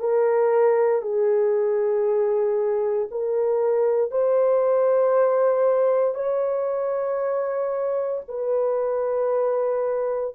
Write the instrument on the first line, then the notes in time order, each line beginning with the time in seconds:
horn
0.00 A#4
1.02 G#4
3.11 A#4
4.11 C5
6.15 C#5
8.28 B4